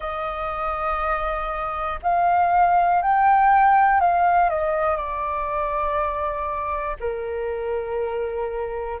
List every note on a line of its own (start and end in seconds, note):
0.00 2.00 D#5
2.02 3.01 F5
3.01 4.00 G5
4.00 4.50 F5
4.50 4.96 D#5
4.96 6.96 D5
7.00 9.00 A#4